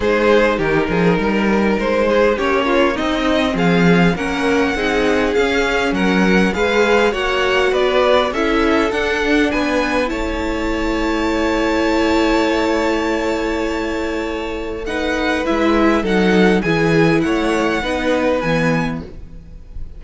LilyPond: <<
  \new Staff \with { instrumentName = "violin" } { \time 4/4 \tempo 4 = 101 c''4 ais'2 c''4 | cis''4 dis''4 f''4 fis''4~ | fis''4 f''4 fis''4 f''4 | fis''4 d''4 e''4 fis''4 |
gis''4 a''2.~ | a''1~ | a''4 fis''4 e''4 fis''4 | gis''4 fis''2 gis''4 | }
  \new Staff \with { instrumentName = "violin" } { \time 4/4 gis'4 g'8 gis'8 ais'4. gis'8 | g'8 f'8 dis'4 gis'4 ais'4 | gis'2 ais'4 b'4 | cis''4 b'4 a'2 |
b'4 cis''2.~ | cis''1~ | cis''4 b'2 a'4 | gis'4 cis''4 b'2 | }
  \new Staff \with { instrumentName = "viola" } { \time 4/4 dis'1 | cis'4 c'2 cis'4 | dis'4 cis'2 gis'4 | fis'2 e'4 d'4~ |
d'4 e'2.~ | e'1~ | e'4 dis'4 e'4 dis'4 | e'2 dis'4 b4 | }
  \new Staff \with { instrumentName = "cello" } { \time 4/4 gis4 dis8 f8 g4 gis4 | ais4 c'4 f4 ais4 | c'4 cis'4 fis4 gis4 | ais4 b4 cis'4 d'4 |
b4 a2.~ | a1~ | a2 gis4 fis4 | e4 a4 b4 e4 | }
>>